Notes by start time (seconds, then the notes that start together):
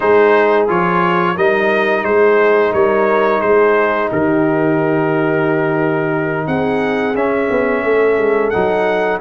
0.00 G#3 D#4 G#4 C5
0.67 F3 F4 C#5
1.36 G3 D#4 A#4 D#5
2.03 G#3 G#4 C5
2.72 G3 A#4 C#5
3.40 G#3 G#4 C5
4.10 D#3 G4 A#4
6.47 C4 G#4 F#5
7.14 C#4 E5
7.50 B3
7.84 A3 A4
8.18 G#3
8.50 F#3 D#4 F#5